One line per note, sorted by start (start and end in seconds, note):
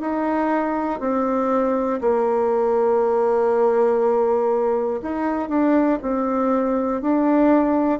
0.00 1.00 D#4
1.00 2.00 C4
2.00 5.00 A#3
5.02 5.48 D#4
5.48 5.98 D4
6.01 7.01 C4
7.01 7.99 D4